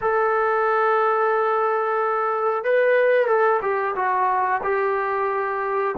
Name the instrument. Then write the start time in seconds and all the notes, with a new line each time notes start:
trombone
0.01 A4
2.64 B4
3.27 A4
3.61 G4
3.95 F#4
4.63 G4